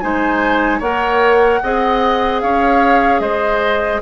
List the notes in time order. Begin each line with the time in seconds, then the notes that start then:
0.00 G#3 D#4 C5 G#5
0.79 A#3 A#4 C#5 F#5
1.63 C4 G#4 D#5
2.41 C#4 C#5 F5
3.20 G#3 C5 D#5